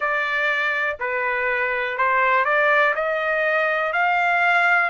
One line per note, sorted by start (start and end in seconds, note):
0.00 0.97 D5
0.99 1.97 B4
1.97 2.44 C5
2.44 2.93 D5
2.95 3.92 D#5
3.92 4.90 F5